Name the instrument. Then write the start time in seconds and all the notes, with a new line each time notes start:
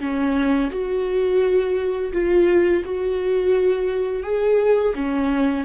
viola
0.00 C#4
0.71 F#4
2.13 F4
2.85 F#4
4.23 G#4
4.95 C#4